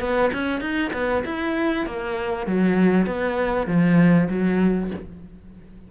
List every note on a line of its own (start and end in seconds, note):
0.00 0.31 B3
0.33 0.60 C#4
0.60 0.91 D#4
0.93 1.24 B3
1.25 1.86 E4
1.86 2.46 A#3
2.46 3.06 F#3
3.06 3.67 B3
3.67 4.28 F3
4.29 4.90 F#3